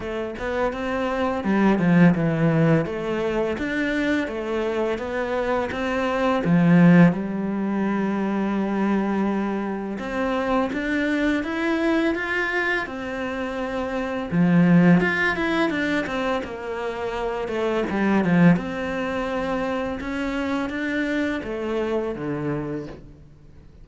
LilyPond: \new Staff \with { instrumentName = "cello" } { \time 4/4 \tempo 4 = 84 a8 b8 c'4 g8 f8 e4 | a4 d'4 a4 b4 | c'4 f4 g2~ | g2 c'4 d'4 |
e'4 f'4 c'2 | f4 f'8 e'8 d'8 c'8 ais4~ | ais8 a8 g8 f8 c'2 | cis'4 d'4 a4 d4 | }